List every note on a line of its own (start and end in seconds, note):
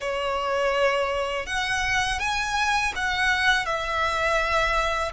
0.00 1.46 C#5
1.46 2.19 F#5
2.19 2.92 G#5
2.95 3.65 F#5
3.65 5.12 E5